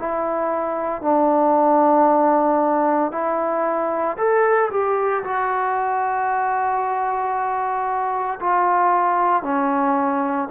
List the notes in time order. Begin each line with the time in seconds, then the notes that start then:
0.00 E4
1.02 D4
3.12 E4
4.18 A4
4.71 G4
5.24 F#4
8.41 F4
9.44 C#4